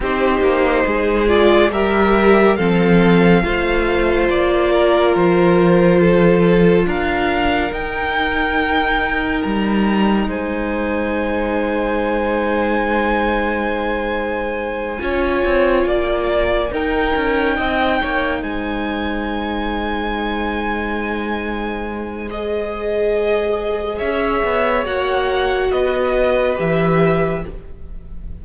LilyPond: <<
  \new Staff \with { instrumentName = "violin" } { \time 4/4 \tempo 4 = 70 c''4. d''8 e''4 f''4~ | f''4 d''4 c''2 | f''4 g''2 ais''4 | gis''1~ |
gis''2.~ gis''8 g''8~ | g''4. gis''2~ gis''8~ | gis''2 dis''2 | e''4 fis''4 dis''4 e''4 | }
  \new Staff \with { instrumentName = "violin" } { \time 4/4 g'4 gis'4 ais'4 a'4 | c''4. ais'4. a'4 | ais'1 | c''1~ |
c''4. cis''4 d''4 ais'8~ | ais'8 dis''8 cis''8 c''2~ c''8~ | c''1 | cis''2 b'2 | }
  \new Staff \with { instrumentName = "viola" } { \time 4/4 dis'4. f'8 g'4 c'4 | f'1~ | f'4 dis'2.~ | dis'1~ |
dis'4. f'2 dis'8~ | dis'1~ | dis'2 gis'2~ | gis'4 fis'2 g'4 | }
  \new Staff \with { instrumentName = "cello" } { \time 4/4 c'8 ais8 gis4 g4 f4 | a4 ais4 f2 | d'4 dis'2 g4 | gis1~ |
gis4. cis'8 c'8 ais4 dis'8 | cis'8 c'8 ais8 gis2~ gis8~ | gis1 | cis'8 b8 ais4 b4 e4 | }
>>